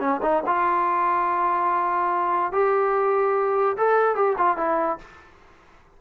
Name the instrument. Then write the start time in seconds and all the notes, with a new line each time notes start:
trombone
0.00 C#4
0.23 D#4
0.46 F4
2.53 G4
3.77 A4
4.16 G4
4.38 F4
4.57 E4